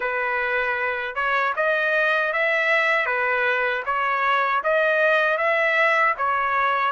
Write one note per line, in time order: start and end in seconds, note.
0.00 1.15 B4
1.15 1.53 C#5
1.56 2.32 D#5
2.32 3.06 E5
3.06 3.83 B4
3.85 4.62 C#5
4.63 5.37 D#5
5.37 6.14 E5
6.17 6.92 C#5